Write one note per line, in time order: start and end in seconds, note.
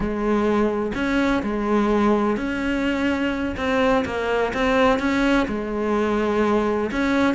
0.00 0.92 G#3
0.94 1.42 C#4
1.42 2.36 G#3
2.36 3.55 C#4
3.56 4.04 C4
4.05 4.52 A#3
4.53 4.99 C4
4.99 5.46 C#4
5.47 6.90 G#3
6.91 7.34 C#4